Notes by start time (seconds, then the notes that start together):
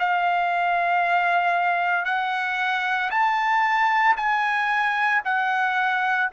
0.00 F5
2.05 F#5
3.11 A5
4.17 G#5
5.25 F#5